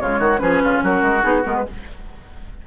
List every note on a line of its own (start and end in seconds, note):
0.00 0.19 C#3
0.00 0.38 G#3
0.00 0.19 F4
0.00 0.39 C#5
0.19 0.40 D#3
0.19 0.40 F#4
0.38 0.62 F3
0.38 1.21 C#4
0.38 0.62 G#4
0.38 0.80 B4
0.63 0.83 C#3
0.63 0.83 F4
0.83 1.02 F#3
0.83 1.65 F#4
0.83 1.22 A#4
1.02 1.23 G#3
1.22 1.44 B3
1.22 1.42 D#4
1.22 1.42 G#4
1.43 1.66 G#3
1.43 1.64 B3
1.43 1.56 A#4
1.56 1.66 B4